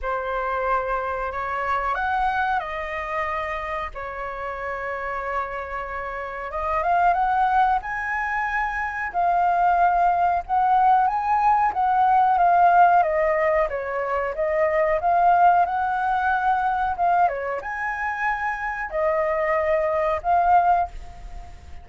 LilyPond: \new Staff \with { instrumentName = "flute" } { \time 4/4 \tempo 4 = 92 c''2 cis''4 fis''4 | dis''2 cis''2~ | cis''2 dis''8 f''8 fis''4 | gis''2 f''2 |
fis''4 gis''4 fis''4 f''4 | dis''4 cis''4 dis''4 f''4 | fis''2 f''8 cis''8 gis''4~ | gis''4 dis''2 f''4 | }